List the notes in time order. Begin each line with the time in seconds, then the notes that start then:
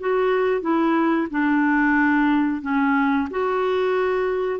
0.00 F#4
0.61 E4
1.30 D4
2.62 C#4
3.30 F#4